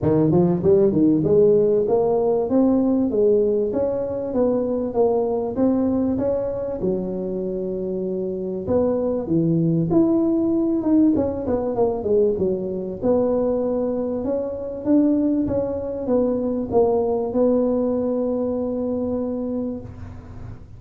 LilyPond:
\new Staff \with { instrumentName = "tuba" } { \time 4/4 \tempo 4 = 97 dis8 f8 g8 dis8 gis4 ais4 | c'4 gis4 cis'4 b4 | ais4 c'4 cis'4 fis4~ | fis2 b4 e4 |
e'4. dis'8 cis'8 b8 ais8 gis8 | fis4 b2 cis'4 | d'4 cis'4 b4 ais4 | b1 | }